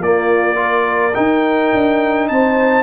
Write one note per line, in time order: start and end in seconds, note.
0.00 1.13 A#3
0.00 0.55 A#3
0.00 0.57 F4
0.00 1.14 D5
0.55 1.11 F4
0.61 2.30 A#4
1.14 2.82 D#4
1.14 1.73 D#4
1.14 2.27 G5
1.73 2.30 D4
2.28 2.82 C4
2.28 2.82 C5
2.28 2.82 A5